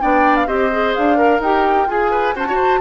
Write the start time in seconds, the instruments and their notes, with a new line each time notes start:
0.00 bassoon B3, clarinet D4, oboe D5, flute G5
0.36 flute F5
0.47 bassoon C4, clarinet G4, oboe C5, flute D#5
0.71 clarinet G#4
0.94 bassoon D4, flute F5
1.16 clarinet A#4, oboe A#4
1.40 bassoon D#4, clarinet G4, flute G5
1.86 bassoon F4, clarinet G#4, oboe G#4, flute G#5
2.11 oboe B4
2.34 clarinet C#4, bassoon F#4, oboe C5, flute A5
2.46 clarinet F#4, oboe C#5
2.55 oboe C5